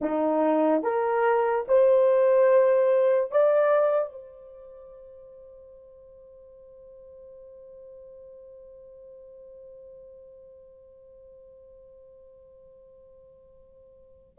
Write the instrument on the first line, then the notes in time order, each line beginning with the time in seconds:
horn
0.01 D#4
0.83 A#4
1.67 C5
3.31 D5
4.12 C5